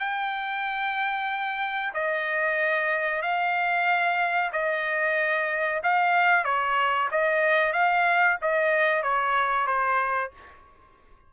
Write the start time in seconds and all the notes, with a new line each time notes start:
0.00 G5
1.94 D#5
3.22 F5
4.53 D#5
5.84 F5
6.45 C#5
7.11 D#5
7.74 F5
8.42 D#5
9.03 C#5
9.67 C5